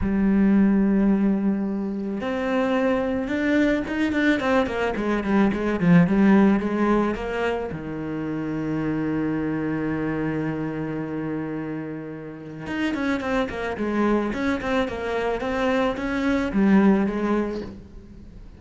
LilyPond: \new Staff \with { instrumentName = "cello" } { \time 4/4 \tempo 4 = 109 g1 | c'2 d'4 dis'8 d'8 | c'8 ais8 gis8 g8 gis8 f8 g4 | gis4 ais4 dis2~ |
dis1~ | dis2. dis'8 cis'8 | c'8 ais8 gis4 cis'8 c'8 ais4 | c'4 cis'4 g4 gis4 | }